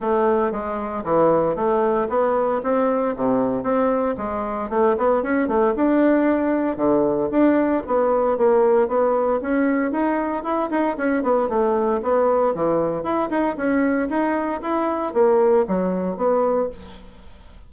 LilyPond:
\new Staff \with { instrumentName = "bassoon" } { \time 4/4 \tempo 4 = 115 a4 gis4 e4 a4 | b4 c'4 c4 c'4 | gis4 a8 b8 cis'8 a8 d'4~ | d'4 d4 d'4 b4 |
ais4 b4 cis'4 dis'4 | e'8 dis'8 cis'8 b8 a4 b4 | e4 e'8 dis'8 cis'4 dis'4 | e'4 ais4 fis4 b4 | }